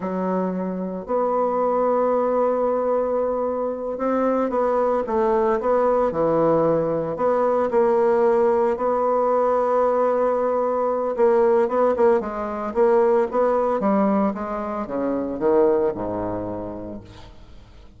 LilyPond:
\new Staff \with { instrumentName = "bassoon" } { \time 4/4 \tempo 4 = 113 fis2 b2~ | b2.~ b8 c'8~ | c'8 b4 a4 b4 e8~ | e4. b4 ais4.~ |
ais8 b2.~ b8~ | b4 ais4 b8 ais8 gis4 | ais4 b4 g4 gis4 | cis4 dis4 gis,2 | }